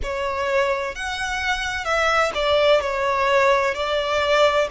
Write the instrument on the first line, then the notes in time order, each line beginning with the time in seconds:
violin
0.03 C#5
0.95 F#5
1.85 E5
2.34 D5
2.80 C#5
3.74 D5